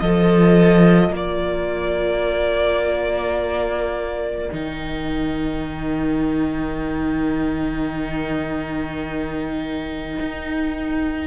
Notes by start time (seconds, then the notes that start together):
0.00 F3 F4 A4 D#5
1.10 A#3 A#4
1.16 D5
4.51 D#3 D#4 G5
10.20 D#4